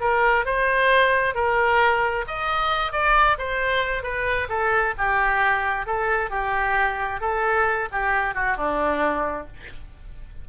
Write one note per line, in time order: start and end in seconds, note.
0.00 0.45 A#4
0.45 1.35 C5
1.35 2.25 A#4
2.27 2.92 D#5
2.92 3.37 D5
3.38 4.03 C5
4.03 4.48 B4
4.49 4.94 A4
4.98 5.86 G4
5.86 6.30 A4
6.30 7.21 G4
7.21 7.88 A4
7.92 8.35 G4
8.35 8.57 F#4
8.57 9.47 D4